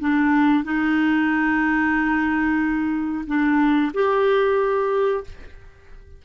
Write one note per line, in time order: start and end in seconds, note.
0.00 0.64 D4
0.64 3.25 D#4
3.27 3.92 D4
3.94 5.24 G4